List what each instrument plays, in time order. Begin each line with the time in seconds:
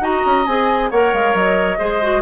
0.00 bassoon D#4, clarinet F#4, oboe D#5, flute A#5
0.26 bassoon C#4
0.46 bassoon C4, clarinet G#4, flute G#5
0.90 bassoon A#3, clarinet A#4, oboe C#5, flute F#5
1.13 bassoon G#3, flute F5
1.34 bassoon F#3, flute D#5
1.79 bassoon G#3, clarinet G#4, oboe C5
2.02 clarinet F#4